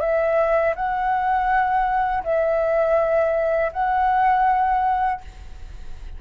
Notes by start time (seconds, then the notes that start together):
0.00 E5
0.75 F#5
2.23 E5
3.72 F#5